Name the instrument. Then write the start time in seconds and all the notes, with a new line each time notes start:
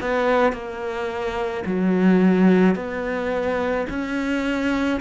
cello
0.00 B3
0.52 A#3
1.65 F#3
2.75 B3
3.89 C#4